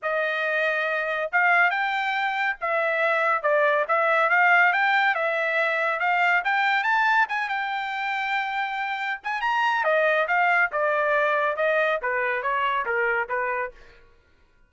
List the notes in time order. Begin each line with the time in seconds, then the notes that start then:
0.02 D#5
1.31 F5
1.70 G5
2.60 E5
3.42 D5
3.88 E5
4.29 F5
4.72 G5
5.14 E5
5.99 F5
6.44 G5
6.83 A5
7.29 G#5
7.48 G5
9.23 G#5
9.41 A#5
9.84 D#5
10.27 F5
10.71 D5
11.56 D#5
12.02 B4
12.42 C#5
12.85 A#4
13.28 B4